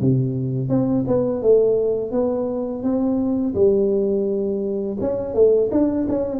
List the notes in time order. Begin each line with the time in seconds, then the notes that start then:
0.00 C3
0.69 C4
1.07 B3
1.42 A3
2.11 B3
2.82 C4
3.54 G3
5.00 C#4
5.34 A3
5.71 D4
6.08 C#4